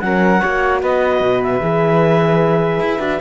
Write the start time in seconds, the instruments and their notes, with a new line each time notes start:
0.00 cello F#3, horn C#4, flute A#4, clarinet F#5
0.41 cello A#3, horn F#4, flute C#5
0.82 cello B3, flute B4, clarinet D#5
1.21 cello B2
1.43 clarinet E5
1.61 cello E3, horn G#4
2.80 cello E4
2.99 cello D4, horn F#4